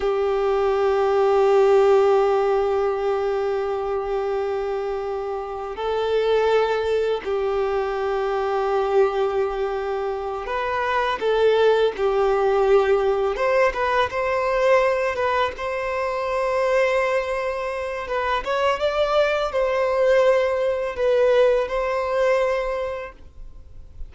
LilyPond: \new Staff \with { instrumentName = "violin" } { \time 4/4 \tempo 4 = 83 g'1~ | g'1 | a'2 g'2~ | g'2~ g'8 b'4 a'8~ |
a'8 g'2 c''8 b'8 c''8~ | c''4 b'8 c''2~ c''8~ | c''4 b'8 cis''8 d''4 c''4~ | c''4 b'4 c''2 | }